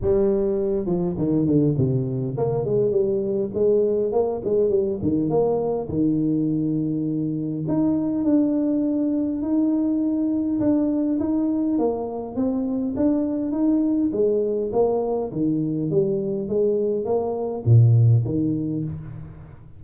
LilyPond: \new Staff \with { instrumentName = "tuba" } { \time 4/4 \tempo 4 = 102 g4. f8 dis8 d8 c4 | ais8 gis8 g4 gis4 ais8 gis8 | g8 dis8 ais4 dis2~ | dis4 dis'4 d'2 |
dis'2 d'4 dis'4 | ais4 c'4 d'4 dis'4 | gis4 ais4 dis4 g4 | gis4 ais4 ais,4 dis4 | }